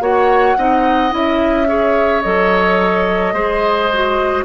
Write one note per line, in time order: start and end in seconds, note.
0.00 0.56 A#3
0.00 0.56 F#4
0.00 0.57 C#5
0.00 1.13 F#5
0.56 1.13 C4
0.56 1.10 D#4
0.56 1.68 D#5
1.10 2.24 C#4
1.10 1.66 E4
1.10 2.22 E5
1.67 2.22 G#4
1.67 3.34 C#5
2.22 3.33 F#3
2.22 3.34 A4
2.22 4.44 D#5
3.33 4.44 G#3
3.33 3.90 G#4
3.33 4.45 C5
3.93 4.45 F#4